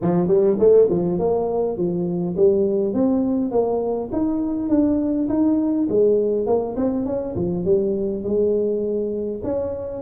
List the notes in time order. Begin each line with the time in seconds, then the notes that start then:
0.01 F3
0.27 G3
0.59 A3
0.89 F3
1.18 A#3
1.77 F3
2.36 G3
2.93 C4
3.51 A#3
4.12 D#4
4.69 D4
5.28 D#4
5.89 G#3
6.46 A#3
6.76 C4
7.05 C#4
7.35 F3
7.64 G3
8.23 G#3
9.43 C#4